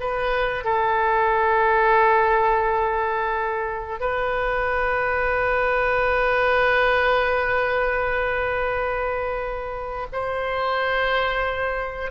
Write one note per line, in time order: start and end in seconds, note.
0.00 0.65 B4
0.65 4.00 A4
4.00 10.07 B4
10.12 12.11 C5